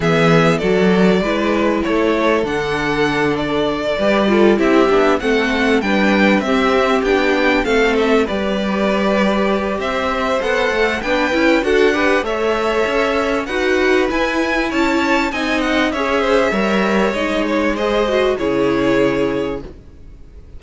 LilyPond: <<
  \new Staff \with { instrumentName = "violin" } { \time 4/4 \tempo 4 = 98 e''4 d''2 cis''4 | fis''4. d''2 e''8~ | e''8 fis''4 g''4 e''4 g''8~ | g''8 f''8 e''8 d''2~ d''8 |
e''4 fis''4 g''4 fis''4 | e''2 fis''4 gis''4 | a''4 gis''8 fis''8 e''2 | dis''8 cis''8 dis''4 cis''2 | }
  \new Staff \with { instrumentName = "violin" } { \time 4/4 gis'4 a'4 b'4 a'4~ | a'2~ a'8 b'8 a'8 g'8~ | g'8 a'4 b'4 g'4.~ | g'8 a'4 b'2~ b'8 |
c''2 b'4 a'8 b'8 | cis''2 b'2 | cis''4 dis''4 cis''8 c''8 cis''4~ | cis''4 c''4 gis'2 | }
  \new Staff \with { instrumentName = "viola" } { \time 4/4 b4 fis'4 e'2 | d'2~ d'8 g'8 f'8 e'8 | d'8 c'4 d'4 c'4 d'8~ | d'8 c'4 g'2~ g'8~ |
g'4 a'4 d'8 e'8 fis'8 g'8 | a'2 fis'4 e'4~ | e'4 dis'4 gis'4 ais'4 | dis'4 gis'8 fis'8 e'2 | }
  \new Staff \with { instrumentName = "cello" } { \time 4/4 e4 fis4 gis4 a4 | d2~ d8 g4 c'8 | b8 a4 g4 c'4 b8~ | b8 a4 g2~ g8 |
c'4 b8 a8 b8 cis'8 d'4 | a4 cis'4 dis'4 e'4 | cis'4 c'4 cis'4 g4 | gis2 cis2 | }
>>